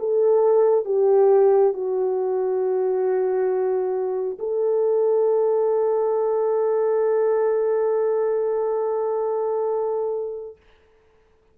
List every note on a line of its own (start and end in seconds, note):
0.00 0.85 A4
0.85 1.74 G4
1.74 4.38 F#4
4.39 10.57 A4